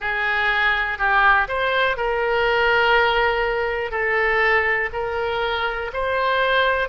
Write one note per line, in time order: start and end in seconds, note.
0.00 0.98 G#4
0.98 1.47 G4
1.48 1.96 C5
1.96 3.91 A#4
3.91 4.89 A4
4.92 5.91 A#4
5.93 6.88 C5